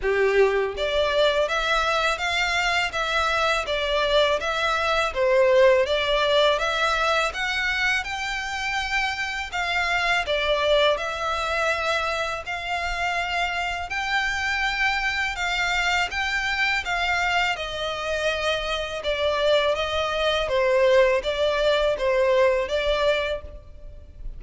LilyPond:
\new Staff \with { instrumentName = "violin" } { \time 4/4 \tempo 4 = 82 g'4 d''4 e''4 f''4 | e''4 d''4 e''4 c''4 | d''4 e''4 fis''4 g''4~ | g''4 f''4 d''4 e''4~ |
e''4 f''2 g''4~ | g''4 f''4 g''4 f''4 | dis''2 d''4 dis''4 | c''4 d''4 c''4 d''4 | }